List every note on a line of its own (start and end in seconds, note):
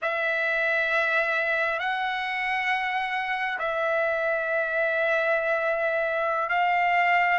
0.02 1.79 E5
1.79 3.58 F#5
3.58 6.49 E5
6.49 7.38 F5